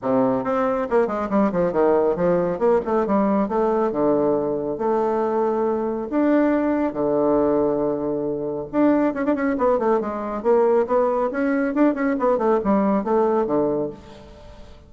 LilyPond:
\new Staff \with { instrumentName = "bassoon" } { \time 4/4 \tempo 4 = 138 c4 c'4 ais8 gis8 g8 f8 | dis4 f4 ais8 a8 g4 | a4 d2 a4~ | a2 d'2 |
d1 | d'4 cis'16 d'16 cis'8 b8 a8 gis4 | ais4 b4 cis'4 d'8 cis'8 | b8 a8 g4 a4 d4 | }